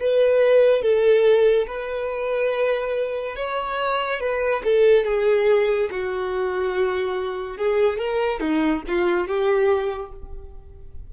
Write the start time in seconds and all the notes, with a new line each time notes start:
0.00 B4
0.82 A4
1.67 B4
3.36 C#5
4.20 B4
4.64 A4
5.05 G#4
5.91 F#4
7.57 G#4
7.98 A#4
8.40 D#4
8.87 F4
9.27 G4